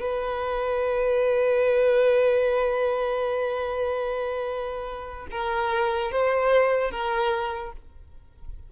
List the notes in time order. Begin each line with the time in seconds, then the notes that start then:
0.00 B4
5.31 A#4
6.11 C5
6.91 A#4